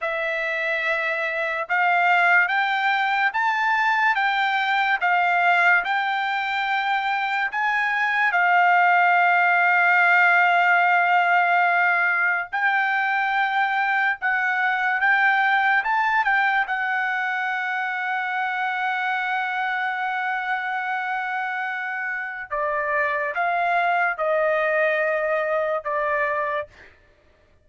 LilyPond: \new Staff \with { instrumentName = "trumpet" } { \time 4/4 \tempo 4 = 72 e''2 f''4 g''4 | a''4 g''4 f''4 g''4~ | g''4 gis''4 f''2~ | f''2. g''4~ |
g''4 fis''4 g''4 a''8 g''8 | fis''1~ | fis''2. d''4 | f''4 dis''2 d''4 | }